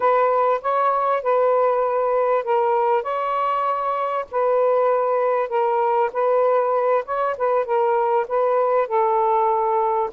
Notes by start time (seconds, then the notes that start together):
0.00 B4
0.61 C#5
1.22 B4
2.44 A#4
3.03 C#5
4.31 B4
5.49 A#4
6.12 B4
7.05 C#5
7.37 B4
7.65 A#4
8.27 B4
8.87 A4